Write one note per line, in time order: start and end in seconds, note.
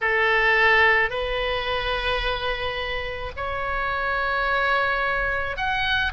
0.01 1.10 A4
1.10 3.32 B4
3.36 5.57 C#5
5.57 6.12 F#5